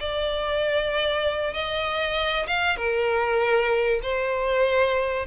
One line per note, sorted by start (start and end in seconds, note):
0.00 1.54 D5
1.54 2.47 D#5
2.47 2.77 F5
2.77 4.01 A#4
4.03 5.27 C5